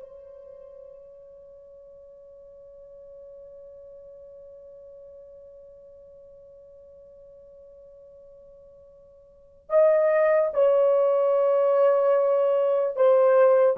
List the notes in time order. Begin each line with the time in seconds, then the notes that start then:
0.00 C#5
9.70 D#5
10.54 C#5
12.96 C5